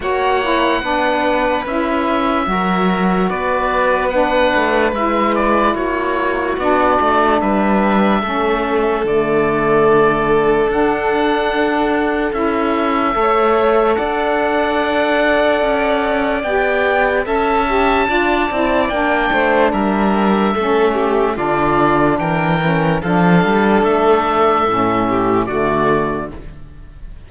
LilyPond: <<
  \new Staff \with { instrumentName = "oboe" } { \time 4/4 \tempo 4 = 73 fis''2 e''2 | d''4 fis''4 e''8 d''8 cis''4 | d''4 e''2 d''4~ | d''4 fis''2 e''4~ |
e''4 fis''2. | g''4 a''2 g''4 | e''2 d''4 g''4 | f''4 e''2 d''4 | }
  \new Staff \with { instrumentName = "violin" } { \time 4/4 cis''4 b'2 ais'4 | b'2. fis'4~ | fis'4 b'4 a'2~ | a'1 |
cis''4 d''2.~ | d''4 e''4 d''4. c''8 | ais'4 a'8 g'8 f'4 ais'4 | a'2~ a'8 g'8 fis'4 | }
  \new Staff \with { instrumentName = "saxophone" } { \time 4/4 fis'8 e'8 d'4 e'4 fis'4~ | fis'4 d'4 e'2 | d'2 cis'4 a4~ | a4 d'2 e'4 |
a'1 | g'4 a'8 g'8 f'8 e'8 d'4~ | d'4 cis'4 d'4. cis'8 | d'2 cis'4 a4 | }
  \new Staff \with { instrumentName = "cello" } { \time 4/4 ais4 b4 cis'4 fis4 | b4. a8 gis4 ais4 | b8 a8 g4 a4 d4~ | d4 d'2 cis'4 |
a4 d'2 cis'4 | b4 cis'4 d'8 c'8 ais8 a8 | g4 a4 d4 e4 | f8 g8 a4 a,4 d4 | }
>>